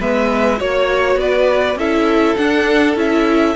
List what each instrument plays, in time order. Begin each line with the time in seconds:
0.00 cello G#3, viola B3, violin B4 E5
0.57 cello A#3, viola F#4, violin C#5
1.16 cello B3, violin B4 D5
1.76 cello C#4, viola E4, violin A4 E5
2.36 viola D4, cello D4, violin F#5
2.96 cello C#4, viola E4, violin E5